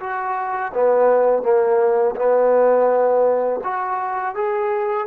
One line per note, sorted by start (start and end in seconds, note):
0.00 0.72 F#4
0.74 1.43 B3
1.43 2.15 A#3
2.16 3.60 B3
3.64 4.35 F#4
4.35 5.07 G#4